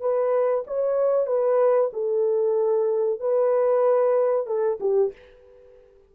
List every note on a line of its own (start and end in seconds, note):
0.00 0.64 B4
0.66 1.26 C#5
1.26 1.90 B4
1.92 3.20 A4
3.20 4.46 B4
4.46 4.78 A4
4.80 5.12 G4